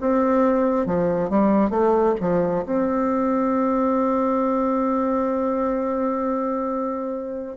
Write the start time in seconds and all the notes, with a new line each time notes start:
0.00 C4
0.85 F3
1.29 G3
1.70 A3
2.20 F3
2.65 C4